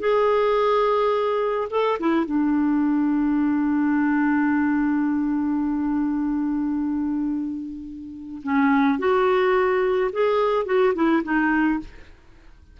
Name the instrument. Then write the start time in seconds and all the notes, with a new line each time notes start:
clarinet
0.00 G#4
1.71 A4
2.00 E4
2.26 D4
8.43 C#4
8.99 F#4
10.13 G#4
10.66 F#4
10.95 E4
11.24 D#4